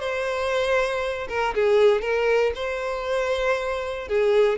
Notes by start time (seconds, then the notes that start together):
0.00 C5
1.29 A#4
1.55 G#4
2.02 A#4
2.55 C5
4.09 G#4